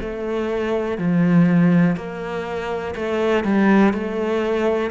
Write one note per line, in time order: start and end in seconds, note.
0.00 0.98 A3
0.98 1.96 F3
1.96 2.95 A#3
2.95 3.44 A3
3.44 3.93 G3
3.93 4.91 A3